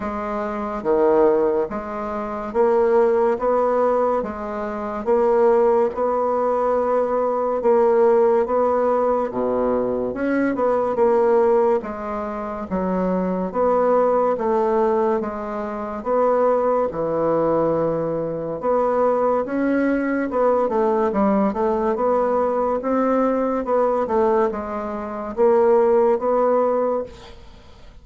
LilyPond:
\new Staff \with { instrumentName = "bassoon" } { \time 4/4 \tempo 4 = 71 gis4 dis4 gis4 ais4 | b4 gis4 ais4 b4~ | b4 ais4 b4 b,4 | cis'8 b8 ais4 gis4 fis4 |
b4 a4 gis4 b4 | e2 b4 cis'4 | b8 a8 g8 a8 b4 c'4 | b8 a8 gis4 ais4 b4 | }